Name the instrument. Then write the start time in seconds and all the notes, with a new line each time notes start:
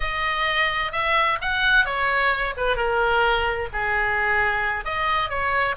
oboe
0.00 D#5
0.92 E5
1.41 F#5
1.85 C#5
2.57 B4
2.76 A#4
3.72 G#4
4.84 D#5
5.29 C#5